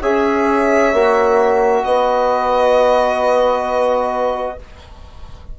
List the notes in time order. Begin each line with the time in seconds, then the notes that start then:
0.00 C#4 G#4 C#5 E5
0.93 A#3 F#4
1.84 B3 B4 D#5